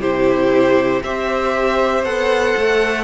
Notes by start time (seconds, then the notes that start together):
0.00 C3 E4 G4 C5
1.03 C4 G4 C5 E5
2.04 B3 A4 F#5
2.57 A3